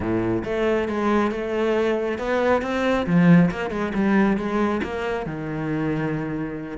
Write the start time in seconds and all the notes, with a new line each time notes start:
0.00 A2
0.44 A3
0.88 G#3
1.31 A3
2.18 B3
2.62 C4
3.06 F3
3.50 A#3
3.70 G#3
3.94 G3
4.37 G#3
4.83 A#3
5.26 D#3